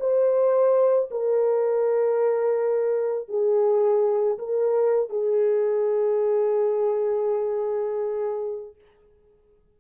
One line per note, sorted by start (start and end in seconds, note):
0.00 1.10 C5
1.11 3.29 A#4
3.29 4.38 G#4
4.39 5.10 A#4
5.10 8.75 G#4